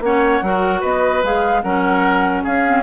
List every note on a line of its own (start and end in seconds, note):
0.00 0.41 A#3
0.00 0.43 C#4
0.00 0.45 C#5
0.00 0.83 F#5
0.42 0.83 F#3
0.42 1.23 F#4
0.42 0.80 A#4
0.80 1.23 B3
0.80 1.61 B4
0.80 1.23 D#5
1.23 1.64 G#3
1.23 1.63 G#4
1.23 1.62 F5
1.62 2.45 F#3
1.62 2.64 C#4
1.62 2.43 A#4
1.62 2.43 F#5
2.43 2.83 C#4
2.43 2.83 G#4
2.43 2.83 F5
2.66 2.83 C4